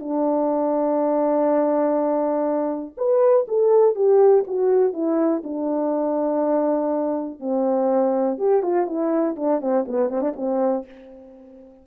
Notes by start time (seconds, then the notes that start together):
0.00 D4
2.97 B4
3.48 A4
3.96 G4
4.48 F#4
4.93 E4
5.44 D4
7.40 C4
8.38 G4
8.63 F4
8.87 E4
9.36 D4
9.61 C4
9.88 B3
10.10 C4
10.21 D4
10.36 C4